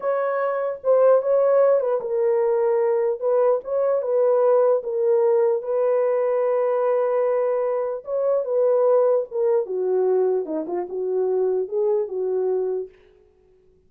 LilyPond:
\new Staff \with { instrumentName = "horn" } { \time 4/4 \tempo 4 = 149 cis''2 c''4 cis''4~ | cis''8 b'8 ais'2. | b'4 cis''4 b'2 | ais'2 b'2~ |
b'1 | cis''4 b'2 ais'4 | fis'2 dis'8 f'8 fis'4~ | fis'4 gis'4 fis'2 | }